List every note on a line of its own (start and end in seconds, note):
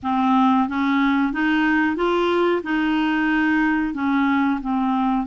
0.02 0.68 C4
0.68 1.32 C#4
1.32 1.96 D#4
1.96 2.62 F4
2.63 3.94 D#4
3.94 4.60 C#4
4.61 5.26 C4